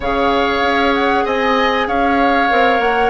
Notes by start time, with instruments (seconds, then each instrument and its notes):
0.00 bassoon C#3, clarinet G#4, oboe C#5, flute F5
0.61 bassoon C#4
0.94 flute F#5
1.24 bassoon C4, oboe D#5, flute G#5
1.87 bassoon C#4, oboe C#5, flute F5
2.50 bassoon C4, clarinet A#4
2.79 bassoon A#3, flute F#5